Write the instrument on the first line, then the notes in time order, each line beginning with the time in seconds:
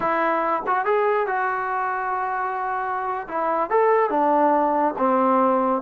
trombone
0.00 E4
0.66 F#4
0.85 G#4
1.27 F#4
3.27 E4
3.70 A4
4.09 D4
4.98 C4